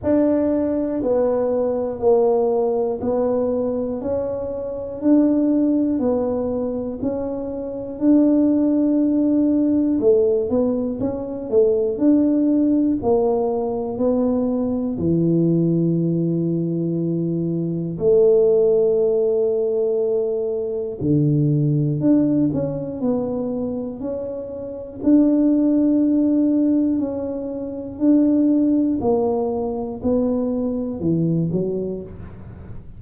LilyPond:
\new Staff \with { instrumentName = "tuba" } { \time 4/4 \tempo 4 = 60 d'4 b4 ais4 b4 | cis'4 d'4 b4 cis'4 | d'2 a8 b8 cis'8 a8 | d'4 ais4 b4 e4~ |
e2 a2~ | a4 d4 d'8 cis'8 b4 | cis'4 d'2 cis'4 | d'4 ais4 b4 e8 fis8 | }